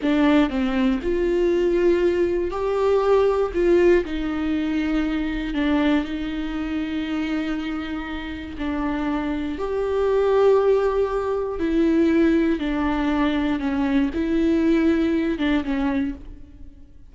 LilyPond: \new Staff \with { instrumentName = "viola" } { \time 4/4 \tempo 4 = 119 d'4 c'4 f'2~ | f'4 g'2 f'4 | dis'2. d'4 | dis'1~ |
dis'4 d'2 g'4~ | g'2. e'4~ | e'4 d'2 cis'4 | e'2~ e'8 d'8 cis'4 | }